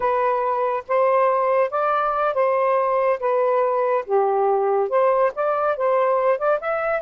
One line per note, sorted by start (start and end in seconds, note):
0.00 0.83 B4
0.88 1.70 C5
1.70 2.33 D5
2.33 3.19 C5
3.19 4.04 B4
4.05 4.89 G4
4.89 5.32 C5
5.35 5.77 D5
5.77 6.38 C5
6.38 6.59 D5
6.60 7.02 E5